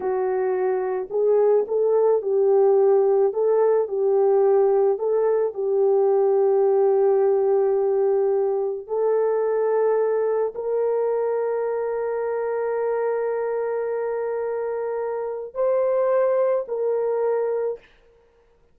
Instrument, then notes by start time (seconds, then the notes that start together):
horn
0.00 F#4
1.10 G#4
1.67 A4
2.22 G4
3.33 A4
3.88 G4
4.98 A4
5.54 G4
8.87 A4
10.55 A#4
15.54 C5
16.68 A#4